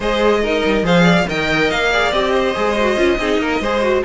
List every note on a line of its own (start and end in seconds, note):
0.00 0.62 G#3
0.00 0.43 G#4
0.00 0.41 C5
0.00 0.86 D#5
0.43 0.83 D#4
0.43 0.85 A#4
0.65 0.82 G3
0.82 1.24 F3
0.82 1.25 G#4
0.82 1.03 C5
0.82 1.28 F5
1.03 1.24 D5
1.28 1.70 D#3
1.28 1.92 A#4
1.28 1.91 D#5
1.28 1.70 G5
1.70 2.11 A#3
1.70 2.12 F5
1.91 2.13 G#4
1.91 2.33 D5
2.11 2.54 C4
2.11 2.55 G4
2.11 4.03 D#5
2.33 3.18 C5
2.55 2.96 G#3
2.55 2.76 G#4
2.80 2.96 F#4
2.96 3.18 C#4
2.96 3.18 F4
3.18 3.38 C4
3.18 3.62 D#4
3.18 3.41 G#4
3.38 3.59 A#3
3.38 3.61 A#4
3.59 4.02 G#3
3.59 3.82 G#4
3.59 4.04 C5
3.82 4.03 F#4